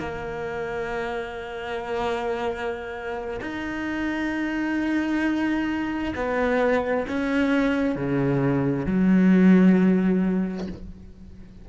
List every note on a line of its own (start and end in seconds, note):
0.00 3.41 A#3
3.42 6.14 D#4
6.16 7.07 B3
7.08 7.96 C#4
7.96 8.86 C#3
8.86 10.68 F#3